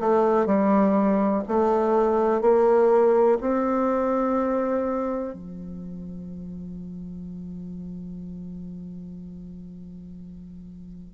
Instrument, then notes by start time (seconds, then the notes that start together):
bassoon
0.00 A3
0.46 G3
1.48 A3
2.42 A#3
3.41 C4
5.34 F3